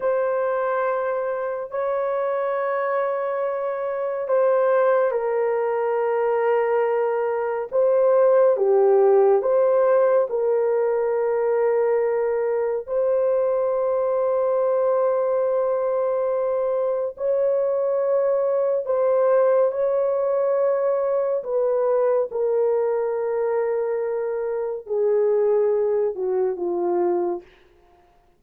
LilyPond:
\new Staff \with { instrumentName = "horn" } { \time 4/4 \tempo 4 = 70 c''2 cis''2~ | cis''4 c''4 ais'2~ | ais'4 c''4 g'4 c''4 | ais'2. c''4~ |
c''1 | cis''2 c''4 cis''4~ | cis''4 b'4 ais'2~ | ais'4 gis'4. fis'8 f'4 | }